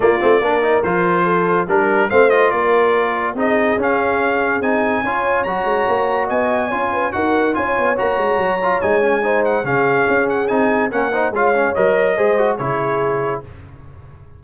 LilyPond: <<
  \new Staff \with { instrumentName = "trumpet" } { \time 4/4 \tempo 4 = 143 d''2 c''2 | ais'4 f''8 dis''8 d''2 | dis''4 f''2 gis''4~ | gis''4 ais''2 gis''4~ |
gis''4 fis''4 gis''4 ais''4~ | ais''4 gis''4. fis''8 f''4~ | f''8 fis''8 gis''4 fis''4 f''4 | dis''2 cis''2 | }
  \new Staff \with { instrumentName = "horn" } { \time 4/4 f'4 ais'2 a'4 | ais'4 c''4 ais'2 | gis'1 | cis''2. dis''4 |
cis''8 b'8 ais'4 cis''2~ | cis''2 c''4 gis'4~ | gis'2 ais'8 c''8 cis''4~ | cis''4 c''4 gis'2 | }
  \new Staff \with { instrumentName = "trombone" } { \time 4/4 ais8 c'8 d'8 dis'8 f'2 | d'4 c'8 f'2~ f'8 | dis'4 cis'2 dis'4 | f'4 fis'2. |
f'4 fis'4 f'4 fis'4~ | fis'8 f'8 dis'8 cis'8 dis'4 cis'4~ | cis'4 dis'4 cis'8 dis'8 f'8 cis'8 | ais'4 gis'8 fis'8 e'2 | }
  \new Staff \with { instrumentName = "tuba" } { \time 4/4 ais8 a8 ais4 f2 | g4 a4 ais2 | c'4 cis'2 c'4 | cis'4 fis8 gis8 ais4 b4 |
cis'4 dis'4 cis'8 b8 ais8 gis8 | fis4 gis2 cis4 | cis'4 c'4 ais4 gis4 | fis4 gis4 cis2 | }
>>